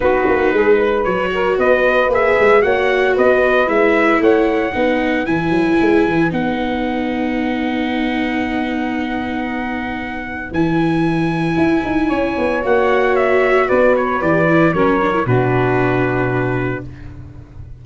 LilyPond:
<<
  \new Staff \with { instrumentName = "trumpet" } { \time 4/4 \tempo 4 = 114 b'2 cis''4 dis''4 | e''4 fis''4 dis''4 e''4 | fis''2 gis''2 | fis''1~ |
fis''1 | gis''1 | fis''4 e''4 d''8 cis''8 d''4 | cis''4 b'2. | }
  \new Staff \with { instrumentName = "saxophone" } { \time 4/4 fis'4 gis'8 b'4 ais'8 b'4~ | b'4 cis''4 b'2 | cis''4 b'2.~ | b'1~ |
b'1~ | b'2. cis''4~ | cis''2 b'2 | ais'4 fis'2. | }
  \new Staff \with { instrumentName = "viola" } { \time 4/4 dis'2 fis'2 | gis'4 fis'2 e'4~ | e'4 dis'4 e'2 | dis'1~ |
dis'1 | e'1 | fis'2. g'8 e'8 | cis'8 d'16 e'16 d'2. | }
  \new Staff \with { instrumentName = "tuba" } { \time 4/4 b8 ais8 gis4 fis4 b4 | ais8 gis8 ais4 b4 gis4 | a4 b4 e8 fis8 gis8 e8 | b1~ |
b1 | e2 e'8 dis'8 cis'8 b8 | ais2 b4 e4 | fis4 b,2. | }
>>